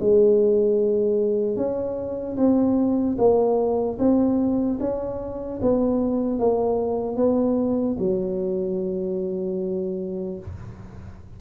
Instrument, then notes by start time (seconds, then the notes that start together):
tuba
0.00 G#3
1.56 C#4
2.36 C4
3.18 A#3
3.99 C4
4.80 C#4
5.61 B3
6.39 A#3
7.16 B3
7.99 F#3